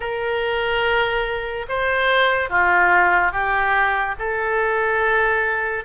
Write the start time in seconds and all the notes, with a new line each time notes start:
0.00 A#4
1.68 C5
2.49 F4
3.31 G4
4.18 A4